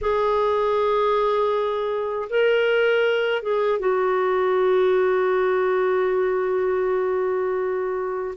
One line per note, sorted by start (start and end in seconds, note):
0.01 2.29 G#4
2.29 3.42 A#4
3.42 3.79 G#4
3.79 8.34 F#4